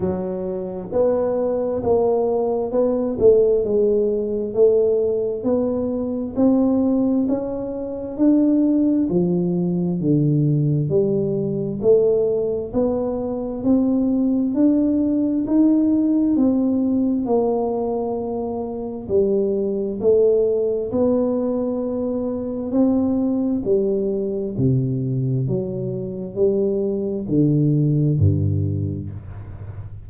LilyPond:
\new Staff \with { instrumentName = "tuba" } { \time 4/4 \tempo 4 = 66 fis4 b4 ais4 b8 a8 | gis4 a4 b4 c'4 | cis'4 d'4 f4 d4 | g4 a4 b4 c'4 |
d'4 dis'4 c'4 ais4~ | ais4 g4 a4 b4~ | b4 c'4 g4 c4 | fis4 g4 d4 g,4 | }